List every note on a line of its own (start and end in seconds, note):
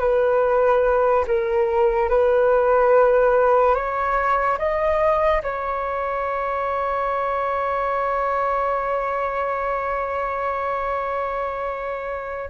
0.00 1.25 B4
1.28 2.10 A#4
2.10 3.75 B4
3.75 4.59 C#5
4.59 5.42 D#5
5.44 12.51 C#5